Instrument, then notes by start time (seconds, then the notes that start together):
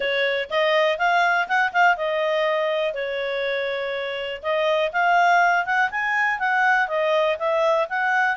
clarinet
0.00 C#5
0.50 D#5
0.98 F5
1.48 F#5
1.72 F5
1.96 D#5
2.94 C#5
4.42 D#5
4.92 F5
5.65 F#5
5.91 G#5
6.39 F#5
6.87 D#5
7.38 E5
7.89 F#5